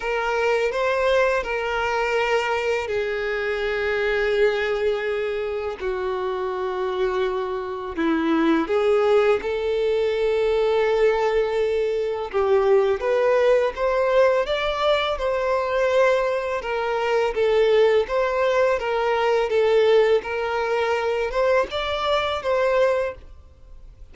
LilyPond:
\new Staff \with { instrumentName = "violin" } { \time 4/4 \tempo 4 = 83 ais'4 c''4 ais'2 | gis'1 | fis'2. e'4 | gis'4 a'2.~ |
a'4 g'4 b'4 c''4 | d''4 c''2 ais'4 | a'4 c''4 ais'4 a'4 | ais'4. c''8 d''4 c''4 | }